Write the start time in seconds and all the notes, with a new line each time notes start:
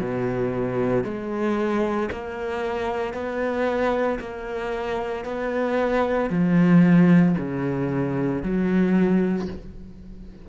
0.00 B2
1.04 G#3
2.12 A#3
3.13 B3
4.20 A#3
5.25 B3
6.30 F3
7.38 C#3
8.43 F#3